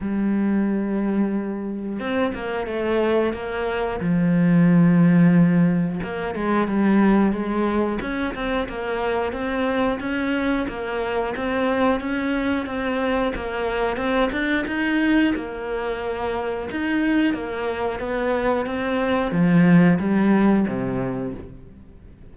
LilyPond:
\new Staff \with { instrumentName = "cello" } { \time 4/4 \tempo 4 = 90 g2. c'8 ais8 | a4 ais4 f2~ | f4 ais8 gis8 g4 gis4 | cis'8 c'8 ais4 c'4 cis'4 |
ais4 c'4 cis'4 c'4 | ais4 c'8 d'8 dis'4 ais4~ | ais4 dis'4 ais4 b4 | c'4 f4 g4 c4 | }